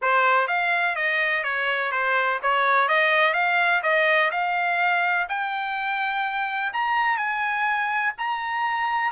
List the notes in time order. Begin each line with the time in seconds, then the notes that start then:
0.01 C5
0.47 F5
0.95 D#5
1.43 C#5
1.91 C5
2.42 C#5
2.88 D#5
3.33 F5
3.82 D#5
4.31 F5
5.28 G5
6.73 A#5
7.17 G#5
8.18 A#5